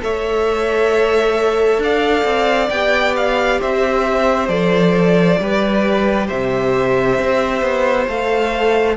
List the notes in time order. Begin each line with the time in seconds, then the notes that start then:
0.00 A3 A4 C#5 E5
1.78 D4 D5 F5
2.24 C4
2.70 B3 G4 G5
3.16 F5
3.60 C4 C5 E5
4.48 F3 A4 D5
5.40 G3 G4 B4
6.27 C3 C5 E5
7.19 C4
7.61 B3
8.08 A3 A4 F5